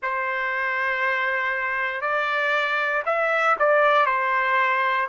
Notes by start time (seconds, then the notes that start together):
0.02 C5
2.01 D5
3.05 E5
3.59 D5
4.05 C5